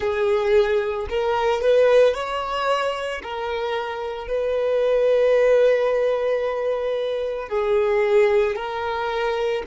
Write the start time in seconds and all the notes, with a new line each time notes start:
0.00 G#4
1.09 A#4
1.61 B4
2.14 C#5
3.22 A#4
4.27 B4
7.49 G#4
8.55 A#4